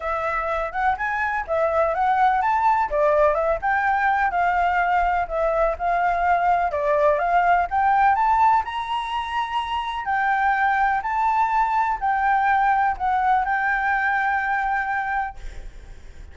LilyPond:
\new Staff \with { instrumentName = "flute" } { \time 4/4 \tempo 4 = 125 e''4. fis''8 gis''4 e''4 | fis''4 a''4 d''4 e''8 g''8~ | g''4 f''2 e''4 | f''2 d''4 f''4 |
g''4 a''4 ais''2~ | ais''4 g''2 a''4~ | a''4 g''2 fis''4 | g''1 | }